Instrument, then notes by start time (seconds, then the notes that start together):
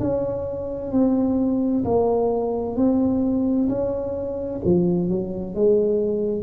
tuba
0.00 C#4
0.92 C4
1.85 A#3
2.77 C4
3.69 C#4
4.65 F3
5.09 F#3
5.55 G#3